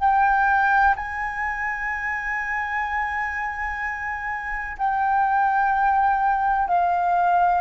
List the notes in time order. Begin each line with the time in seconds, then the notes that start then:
0.00 G5
0.97 G#5
4.78 G5
6.68 F5